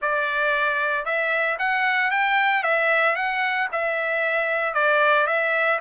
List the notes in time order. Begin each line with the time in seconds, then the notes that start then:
0.01 D5
1.05 E5
1.58 F#5
2.10 G5
2.63 E5
3.15 F#5
3.72 E5
4.74 D5
5.26 E5